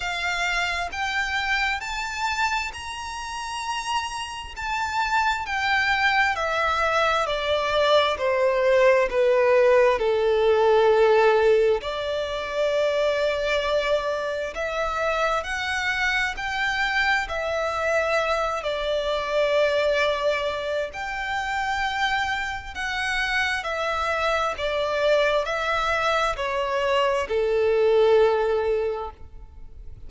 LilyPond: \new Staff \with { instrumentName = "violin" } { \time 4/4 \tempo 4 = 66 f''4 g''4 a''4 ais''4~ | ais''4 a''4 g''4 e''4 | d''4 c''4 b'4 a'4~ | a'4 d''2. |
e''4 fis''4 g''4 e''4~ | e''8 d''2~ d''8 g''4~ | g''4 fis''4 e''4 d''4 | e''4 cis''4 a'2 | }